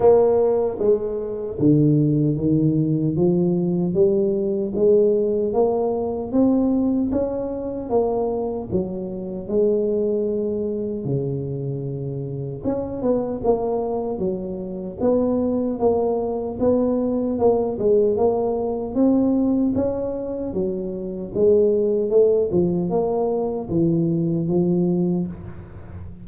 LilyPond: \new Staff \with { instrumentName = "tuba" } { \time 4/4 \tempo 4 = 76 ais4 gis4 d4 dis4 | f4 g4 gis4 ais4 | c'4 cis'4 ais4 fis4 | gis2 cis2 |
cis'8 b8 ais4 fis4 b4 | ais4 b4 ais8 gis8 ais4 | c'4 cis'4 fis4 gis4 | a8 f8 ais4 e4 f4 | }